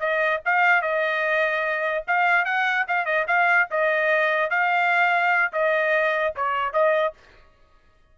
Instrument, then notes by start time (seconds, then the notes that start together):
trumpet
0.00 D#5
0.45 F5
0.82 D#5
2.07 F5
2.45 F#5
2.88 F5
3.06 D#5
3.27 F5
3.71 D#5
4.50 F5
5.53 D#5
6.36 C#5
6.73 D#5